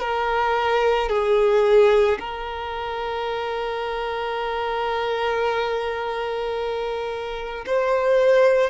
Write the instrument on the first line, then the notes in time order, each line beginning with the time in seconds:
violin
0.00 A#4
1.09 G#4
2.19 A#4
7.66 C5